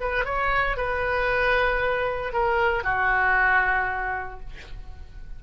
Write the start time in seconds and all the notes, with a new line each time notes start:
0.00 B4
0.24 C#5
0.76 B4
2.33 A#4
2.83 F#4